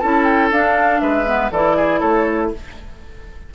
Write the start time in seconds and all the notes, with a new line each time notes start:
0.00 C#4 E4 A4 A5
0.24 G5
0.51 D4 F5
1.01 G#3 B4 E5
1.26 B3
1.51 E3 E4 A4 D5
1.77 G#4
2.00 A3 A4 C#5